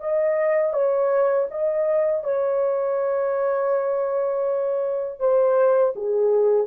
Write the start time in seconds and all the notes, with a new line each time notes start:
0.00 D#5
0.74 C#5
1.51 D#5
2.24 C#5
5.20 C5
5.96 G#4